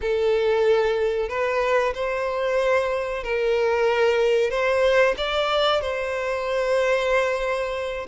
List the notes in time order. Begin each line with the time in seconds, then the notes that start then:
0.01 A4
1.28 B4
1.94 C5
3.23 A#4
4.50 C5
5.17 D5
5.81 C5